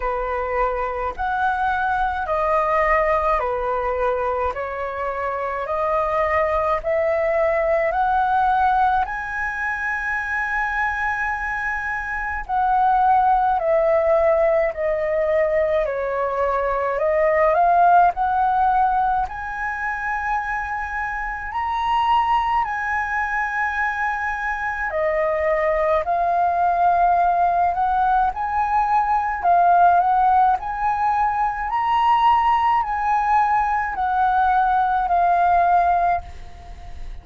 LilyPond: \new Staff \with { instrumentName = "flute" } { \time 4/4 \tempo 4 = 53 b'4 fis''4 dis''4 b'4 | cis''4 dis''4 e''4 fis''4 | gis''2. fis''4 | e''4 dis''4 cis''4 dis''8 f''8 |
fis''4 gis''2 ais''4 | gis''2 dis''4 f''4~ | f''8 fis''8 gis''4 f''8 fis''8 gis''4 | ais''4 gis''4 fis''4 f''4 | }